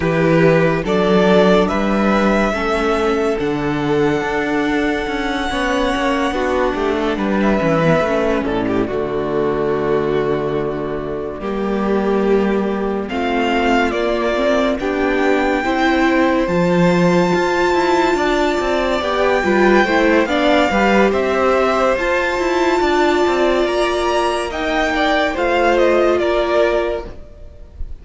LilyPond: <<
  \new Staff \with { instrumentName = "violin" } { \time 4/4 \tempo 4 = 71 b'4 d''4 e''2 | fis''1~ | fis''8. e''4~ e''16 d''2~ | d''2.~ d''8 f''8~ |
f''8 d''4 g''2 a''8~ | a''2~ a''8 g''4. | f''4 e''4 a''2 | ais''4 g''4 f''8 dis''8 d''4 | }
  \new Staff \with { instrumentName = "violin" } { \time 4/4 g'4 a'4 b'4 a'4~ | a'2~ a'8 cis''4 fis'8 | g'16 a'16 b'4. a'16 g'16 fis'4.~ | fis'4. g'2 f'8~ |
f'4. g'4 c''4.~ | c''4. d''4. b'8 c''8 | d''8 b'8 c''2 d''4~ | d''4 dis''8 d''8 c''4 ais'4 | }
  \new Staff \with { instrumentName = "viola" } { \time 4/4 e'4 d'2 cis'4 | d'2~ d'8 cis'4 d'8~ | d'4 cis'16 b16 cis'4 a4.~ | a4. ais2 c'8~ |
c'8 ais8 c'8 d'4 e'4 f'8~ | f'2~ f'8 g'8 f'8 e'8 | d'8 g'4. f'2~ | f'4 dis'4 f'2 | }
  \new Staff \with { instrumentName = "cello" } { \time 4/4 e4 fis4 g4 a4 | d4 d'4 cis'8 b8 ais8 b8 | a8 g8 e8 a8 a,8 d4.~ | d4. g2 a8~ |
a8 ais4 b4 c'4 f8~ | f8 f'8 e'8 d'8 c'8 b8 g8 a8 | b8 g8 c'4 f'8 e'8 d'8 c'8 | ais2 a4 ais4 | }
>>